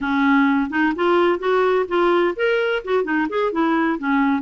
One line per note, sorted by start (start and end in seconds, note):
0.01 0.69 C#4
0.69 0.93 D#4
0.95 1.39 F4
1.39 1.86 F#4
1.87 2.34 F4
2.35 2.82 A#4
2.84 3.03 F#4
3.03 3.27 D#4
3.29 3.52 G#4
3.52 3.98 E4
3.98 4.42 C#4